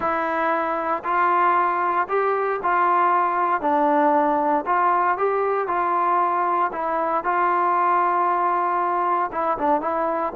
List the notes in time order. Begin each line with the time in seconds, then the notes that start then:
0.00 E4
1.03 F4
2.08 G4
2.62 F4
3.61 D4
4.66 F4
5.17 G4
5.67 F4
6.72 E4
7.24 F4
9.32 E4
9.58 D4
9.81 E4